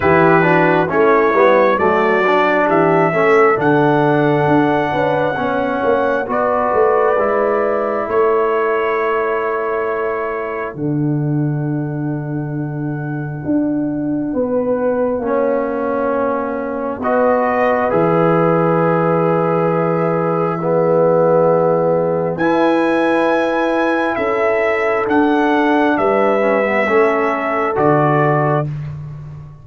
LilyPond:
<<
  \new Staff \with { instrumentName = "trumpet" } { \time 4/4 \tempo 4 = 67 b'4 cis''4 d''4 e''4 | fis''2. d''4~ | d''4 cis''2. | fis''1~ |
fis''2. dis''4 | e''1~ | e''4 gis''2 e''4 | fis''4 e''2 d''4 | }
  \new Staff \with { instrumentName = "horn" } { \time 4/4 g'8 fis'8 e'4 fis'4 g'8 a'8~ | a'4. b'8 cis''4 b'4~ | b'4 a'2.~ | a'1 |
b'4 cis''2 b'4~ | b'2. gis'4~ | gis'4 b'2 a'4~ | a'4 b'4 a'2 | }
  \new Staff \with { instrumentName = "trombone" } { \time 4/4 e'8 d'8 cis'8 b8 a8 d'4 cis'8 | d'2 cis'4 fis'4 | e'1 | d'1~ |
d'4 cis'2 fis'4 | gis'2. b4~ | b4 e'2. | d'4. cis'16 b16 cis'4 fis'4 | }
  \new Staff \with { instrumentName = "tuba" } { \time 4/4 e4 a8 g8 fis4 e8 a8 | d4 d'8 cis'8 b8 ais8 b8 a8 | gis4 a2. | d2. d'4 |
b4 ais2 b4 | e1~ | e4 e'2 cis'4 | d'4 g4 a4 d4 | }
>>